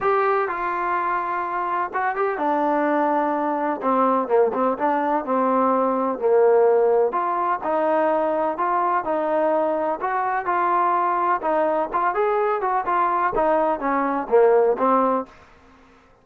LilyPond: \new Staff \with { instrumentName = "trombone" } { \time 4/4 \tempo 4 = 126 g'4 f'2. | fis'8 g'8 d'2. | c'4 ais8 c'8 d'4 c'4~ | c'4 ais2 f'4 |
dis'2 f'4 dis'4~ | dis'4 fis'4 f'2 | dis'4 f'8 gis'4 fis'8 f'4 | dis'4 cis'4 ais4 c'4 | }